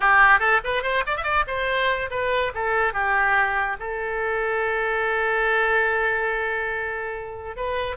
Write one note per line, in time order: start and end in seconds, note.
0.00 0.39 G4
0.39 0.60 A4
0.64 0.82 B4
0.82 1.03 C5
1.06 1.16 D5
1.16 1.23 E5
1.23 1.44 D5
1.47 2.10 C5
2.10 2.52 B4
2.54 2.93 A4
2.93 3.76 G4
3.79 7.56 A4
7.56 7.96 B4